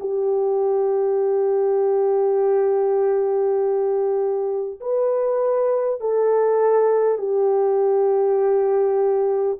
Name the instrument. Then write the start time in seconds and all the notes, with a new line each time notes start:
horn
0.00 G4
4.81 B4
6.01 A4
7.18 G4